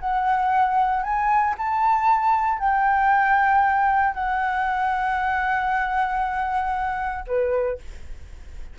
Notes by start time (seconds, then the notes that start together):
0.00 F#5
1.03 G#5
1.58 A5
2.59 G5
4.15 F#5
7.27 B4